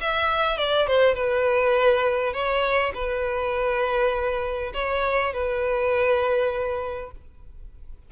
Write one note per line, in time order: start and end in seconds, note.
0.00 0.57 E5
0.57 0.87 D5
0.87 1.14 C5
1.14 2.33 B4
2.33 2.92 C#5
2.94 4.72 B4
4.73 5.33 C#5
5.33 7.11 B4